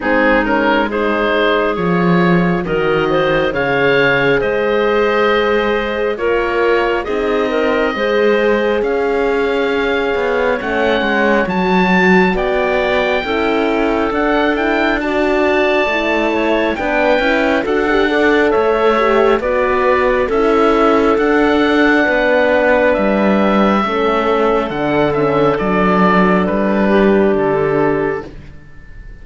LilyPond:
<<
  \new Staff \with { instrumentName = "oboe" } { \time 4/4 \tempo 4 = 68 gis'8 ais'8 c''4 cis''4 dis''4 | f''4 dis''2 cis''4 | dis''2 f''2 | fis''4 a''4 g''2 |
fis''8 g''8 a''2 g''4 | fis''4 e''4 d''4 e''4 | fis''2 e''2 | fis''8 e''8 d''4 b'4 a'4 | }
  \new Staff \with { instrumentName = "clarinet" } { \time 4/4 dis'4 gis'2 ais'8 c''8 | cis''4 c''2 ais'4 | gis'8 ais'8 c''4 cis''2~ | cis''2 d''4 a'4~ |
a'4 d''4. cis''8 b'4 | a'8 d''8 cis''4 b'4 a'4~ | a'4 b'2 a'4~ | a'2~ a'8 g'4. | }
  \new Staff \with { instrumentName = "horn" } { \time 4/4 c'8 cis'8 dis'4 f'4 fis'4 | gis'2. f'4 | dis'4 gis'2. | cis'4 fis'2 e'4 |
d'8 e'8 fis'4 e'4 d'8 e'8 | fis'16 g'16 a'4 g'8 fis'4 e'4 | d'2. cis'4 | d'8 cis'8 d'2. | }
  \new Staff \with { instrumentName = "cello" } { \time 4/4 gis2 f4 dis4 | cis4 gis2 ais4 | c'4 gis4 cis'4. b8 | a8 gis8 fis4 b4 cis'4 |
d'2 a4 b8 cis'8 | d'4 a4 b4 cis'4 | d'4 b4 g4 a4 | d4 fis4 g4 d4 | }
>>